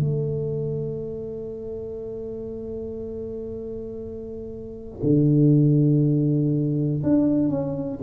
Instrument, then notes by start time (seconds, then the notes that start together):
tuba
0.00 A3
5.02 D3
7.03 D4
7.49 C#4